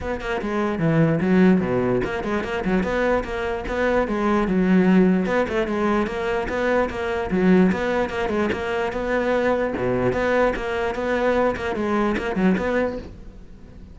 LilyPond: \new Staff \with { instrumentName = "cello" } { \time 4/4 \tempo 4 = 148 b8 ais8 gis4 e4 fis4 | b,4 ais8 gis8 ais8 fis8 b4 | ais4 b4 gis4 fis4~ | fis4 b8 a8 gis4 ais4 |
b4 ais4 fis4 b4 | ais8 gis8 ais4 b2 | b,4 b4 ais4 b4~ | b8 ais8 gis4 ais8 fis8 b4 | }